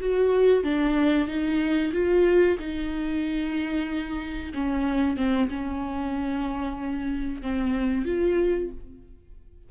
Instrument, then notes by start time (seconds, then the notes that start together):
viola
0.00 F#4
0.64 D4
1.28 D#4
1.93 F4
2.60 D#4
4.54 C#4
5.17 C4
5.49 C#4
7.42 C4
8.05 F4